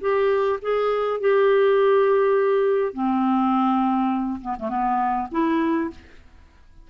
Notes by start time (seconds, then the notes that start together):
0.00 G4
0.61 G#4
1.20 G4
2.93 C4
4.41 B3
4.59 A3
4.69 B3
5.31 E4